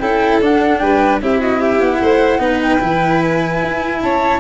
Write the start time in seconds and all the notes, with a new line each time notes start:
0.00 C#4 E4 A4 G5
0.41 D4 F#5
0.79 G3 B4 G5
1.21 C4 E4 G4 E5
1.41 F#4 D#5
1.59 G4 E5
1.81 B3 F#5
2.01 A3 C5
2.39 B3 D#4 B4
2.62 G5
2.80 E3 E4
3.22 G#5
3.63 E4
4.02 C#4 C#5 A5